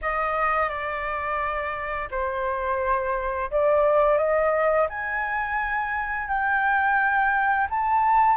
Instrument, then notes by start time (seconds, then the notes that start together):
flute
0.01 D#5
0.69 D5
2.11 C5
3.51 D5
4.17 D#5
4.89 G#5
6.28 G5
7.70 A5